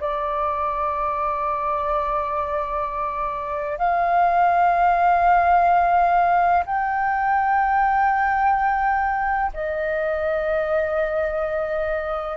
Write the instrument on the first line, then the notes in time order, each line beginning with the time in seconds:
flute
0.00 D5
3.78 F5
6.66 G5
9.54 D#5